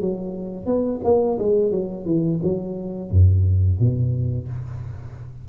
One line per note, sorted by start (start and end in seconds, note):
0.00 0.65 F#3
0.65 1.00 B3
1.03 1.38 A#3
1.38 1.71 G#3
1.71 2.05 F#3
2.05 2.39 E3
2.43 3.10 F#3
3.10 3.79 F#2
3.79 4.48 B2